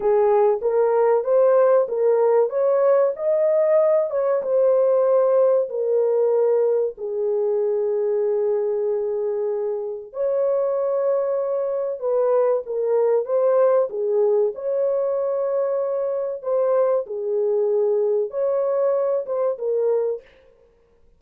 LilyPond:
\new Staff \with { instrumentName = "horn" } { \time 4/4 \tempo 4 = 95 gis'4 ais'4 c''4 ais'4 | cis''4 dis''4. cis''8 c''4~ | c''4 ais'2 gis'4~ | gis'1 |
cis''2. b'4 | ais'4 c''4 gis'4 cis''4~ | cis''2 c''4 gis'4~ | gis'4 cis''4. c''8 ais'4 | }